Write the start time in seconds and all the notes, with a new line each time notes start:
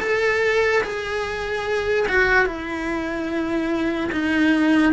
0.00 A4
0.84 G#4
2.08 F#4
2.46 E4
4.12 D#4